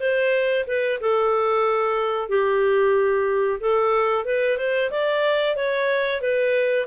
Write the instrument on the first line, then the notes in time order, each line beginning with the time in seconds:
clarinet
0.00 C5
0.67 B4
1.01 A4
2.29 G4
3.60 A4
4.25 B4
4.58 C5
4.91 D5
5.56 C#5
6.21 B4